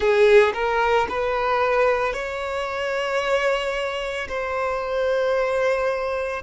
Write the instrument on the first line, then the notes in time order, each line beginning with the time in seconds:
violin
0.00 G#4
0.53 A#4
1.09 B4
2.13 C#5
4.28 C5